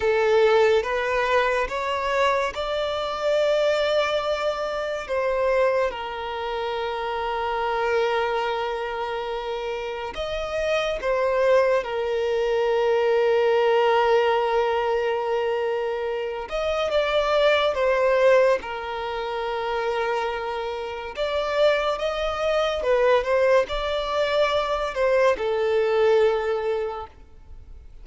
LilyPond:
\new Staff \with { instrumentName = "violin" } { \time 4/4 \tempo 4 = 71 a'4 b'4 cis''4 d''4~ | d''2 c''4 ais'4~ | ais'1 | dis''4 c''4 ais'2~ |
ais'2.~ ais'8 dis''8 | d''4 c''4 ais'2~ | ais'4 d''4 dis''4 b'8 c''8 | d''4. c''8 a'2 | }